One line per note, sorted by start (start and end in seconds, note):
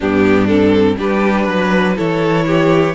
0.00 0.99 G2
0.00 0.48 B3
0.00 0.97 D4
0.00 0.47 G4
0.47 0.97 C4
0.47 0.96 A4
0.97 1.47 G3
0.97 1.96 D4
0.97 1.44 G4
0.97 1.98 B4
1.44 1.96 F#3
1.44 1.93 B4
1.96 2.95 E3
1.96 2.94 E4
1.96 2.45 A4
1.96 2.95 C#5
2.46 2.95 G4